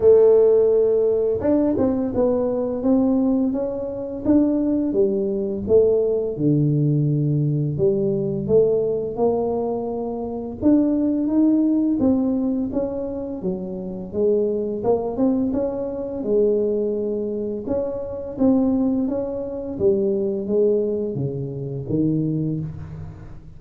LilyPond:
\new Staff \with { instrumentName = "tuba" } { \time 4/4 \tempo 4 = 85 a2 d'8 c'8 b4 | c'4 cis'4 d'4 g4 | a4 d2 g4 | a4 ais2 d'4 |
dis'4 c'4 cis'4 fis4 | gis4 ais8 c'8 cis'4 gis4~ | gis4 cis'4 c'4 cis'4 | g4 gis4 cis4 dis4 | }